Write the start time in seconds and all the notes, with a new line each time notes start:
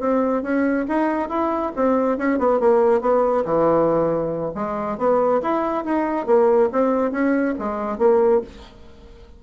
0.00 C4
0.43 C#4
0.88 D#4
1.29 E4
1.76 C4
2.18 C#4
2.39 B3
2.60 A#3
3.01 B3
3.45 E3
4.55 G#3
4.98 B3
5.43 E4
5.85 D#4
6.26 A#3
6.72 C4
7.12 C#4
7.59 G#3
7.99 A#3